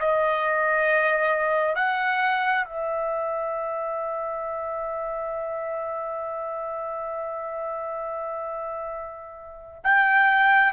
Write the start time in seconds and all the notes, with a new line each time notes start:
0.00 D#5
1.75 F#5
2.65 E5
9.84 G5